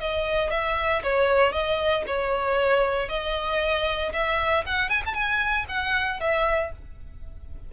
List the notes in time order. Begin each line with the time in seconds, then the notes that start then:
0.00 D#5
0.51 E5
1.03 C#5
1.52 D#5
2.07 C#5
3.09 D#5
4.13 E5
4.66 F#5
4.89 G#5
5.06 A5
5.14 G#5
5.68 F#5
6.20 E5